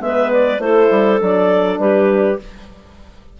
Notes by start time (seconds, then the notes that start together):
0.00 G#3 B3 B4 E5
0.32 D5
0.59 A3 E4 A4 C5
0.90 G3
1.19 F#3 D4 D5
1.79 G3 G4 B4